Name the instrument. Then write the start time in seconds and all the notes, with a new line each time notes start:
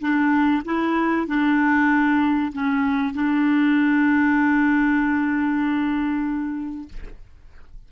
clarinet
0.00 D4
0.65 E4
1.27 D4
2.52 C#4
3.14 D4